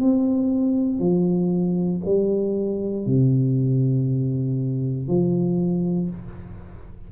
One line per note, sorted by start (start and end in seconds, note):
0.00 0.99 C4
0.99 2.01 F3
2.05 3.06 G3
3.06 5.08 C3
5.08 6.10 F3